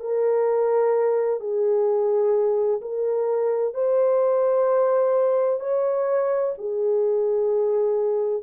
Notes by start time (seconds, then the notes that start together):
0.00 A#4
1.40 G#4
2.82 A#4
3.74 C5
5.60 C#5
6.58 G#4